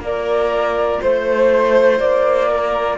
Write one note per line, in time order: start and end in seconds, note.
0.00 0.98 A#3
0.00 2.97 F4
0.00 1.01 A#4
0.00 1.03 D5
1.01 1.99 A3
1.01 2.49 C5
1.01 1.99 C5
1.99 2.97 A#3
1.99 2.97 D5
2.49 2.97 A#4